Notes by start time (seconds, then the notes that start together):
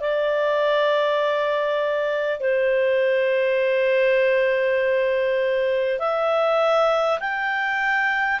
0.00 D5
2.39 C5
5.99 E5
7.19 G5